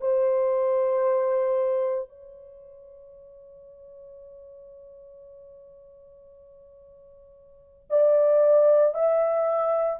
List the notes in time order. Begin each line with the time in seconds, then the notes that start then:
0.00 C5
2.09 C#5
7.90 D5
8.94 E5